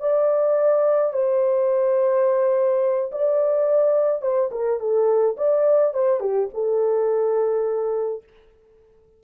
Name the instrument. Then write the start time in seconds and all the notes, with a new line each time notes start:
horn
0.00 D5
1.13 C5
3.12 D5
4.22 C5
4.52 A#4
4.80 A4
5.37 D5
5.94 C5
6.20 G4
6.54 A4